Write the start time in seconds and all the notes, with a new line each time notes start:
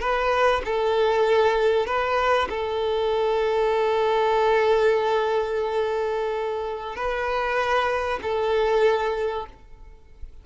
0.00 B4
0.65 A4
1.86 B4
2.49 A4
6.96 B4
8.22 A4